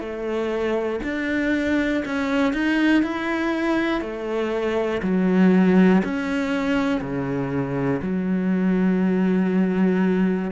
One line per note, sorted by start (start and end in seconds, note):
0.00 1.00 A3
1.04 2.04 D4
2.05 2.53 C#4
2.53 3.03 D#4
3.03 4.01 E4
4.01 5.01 A3
5.03 6.03 F#3
6.05 7.01 C#4
7.01 8.01 C#3
8.03 10.52 F#3